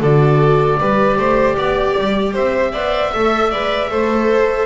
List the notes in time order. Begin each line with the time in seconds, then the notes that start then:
0.00 D3 F#4 A4 D5
0.79 G3 G4 B4
1.17 A3 C5
1.57 B3 D5
1.99 G3
2.32 C4 C5 E5
2.72 B3 C5 D5
3.12 A3 A4 E5
3.51 G#3 B4 D5
3.90 A3 A4 C5